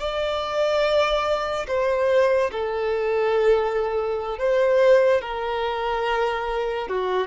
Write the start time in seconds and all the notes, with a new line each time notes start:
0.00 D5
1.68 C5
2.52 A4
4.39 C5
5.22 A#4
6.89 F#4